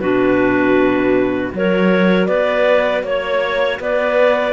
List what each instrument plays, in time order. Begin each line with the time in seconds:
0.00 cello B2, clarinet D4 F#4 B4
1.52 cello F#3, clarinet F#4 A#4 C#5
2.26 cello B3, clarinet B4 D5
3.03 cello A#3, clarinet C#5
3.80 cello B3, clarinet B4 D5